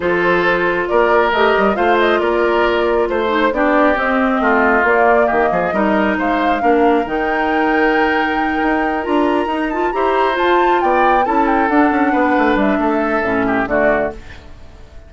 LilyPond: <<
  \new Staff \with { instrumentName = "flute" } { \time 4/4 \tempo 4 = 136 c''2 d''4 dis''4 | f''8 dis''8 d''2 c''4 | d''4 dis''2 d''4 | dis''2 f''2 |
g''1~ | g''8 ais''4. a''8 ais''4 a''8~ | a''8 g''4 a''8 g''8 fis''4.~ | fis''8 e''2~ e''8 d''4 | }
  \new Staff \with { instrumentName = "oboe" } { \time 4/4 a'2 ais'2 | c''4 ais'2 c''4 | g'2 f'2 | g'8 gis'8 ais'4 c''4 ais'4~ |
ais'1~ | ais'2~ ais'8 c''4.~ | c''8 d''4 a'2 b'8~ | b'4 a'4. g'8 fis'4 | }
  \new Staff \with { instrumentName = "clarinet" } { \time 4/4 f'2. g'4 | f'2.~ f'8 dis'8 | d'4 c'2 ais4~ | ais4 dis'2 d'4 |
dis'1~ | dis'8 f'4 dis'8 f'8 g'4 f'8~ | f'4. e'4 d'4.~ | d'2 cis'4 a4 | }
  \new Staff \with { instrumentName = "bassoon" } { \time 4/4 f2 ais4 a8 g8 | a4 ais2 a4 | b4 c'4 a4 ais4 | dis8 f8 g4 gis4 ais4 |
dis2.~ dis8 dis'8~ | dis'8 d'4 dis'4 e'4 f'8~ | f'8 b4 cis'4 d'8 cis'8 b8 | a8 g8 a4 a,4 d4 | }
>>